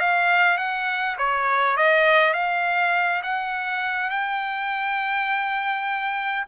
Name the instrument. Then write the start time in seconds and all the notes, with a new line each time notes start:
trumpet
0.00 F5
0.58 F#5
1.18 C#5
1.77 D#5
2.34 F5
3.23 F#5
4.10 G5